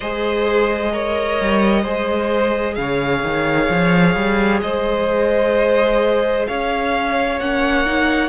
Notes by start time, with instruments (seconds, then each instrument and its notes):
0.00 cello G#3, viola G#4, violin C5 D#5
0.92 viola A#4, violin C#5
1.40 cello G3
1.82 cello G#3, viola G#4, violin C5
2.75 cello C#3, violin C#5 F5
3.22 cello D#3
3.69 cello F3
4.15 cello G3
4.61 cello G#3, violin C5 D#5
6.47 cello C#4, violin C#5 F5
7.39 cello A#3, viola C#4, violin F#5
7.86 viola D#4